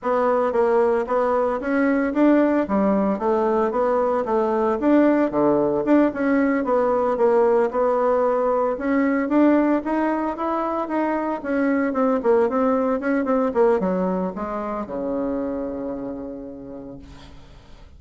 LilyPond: \new Staff \with { instrumentName = "bassoon" } { \time 4/4 \tempo 4 = 113 b4 ais4 b4 cis'4 | d'4 g4 a4 b4 | a4 d'4 d4 d'8 cis'8~ | cis'8 b4 ais4 b4.~ |
b8 cis'4 d'4 dis'4 e'8~ | e'8 dis'4 cis'4 c'8 ais8 c'8~ | c'8 cis'8 c'8 ais8 fis4 gis4 | cis1 | }